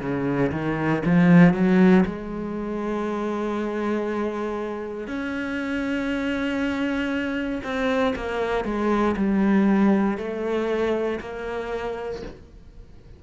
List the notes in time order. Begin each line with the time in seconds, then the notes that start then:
0.00 C#3
0.52 D#3
1.05 F3
1.54 F#3
2.05 G#3
5.08 C#4
7.64 C4
8.16 A#3
8.65 G#3
9.17 G3
10.18 A3
11.20 A#3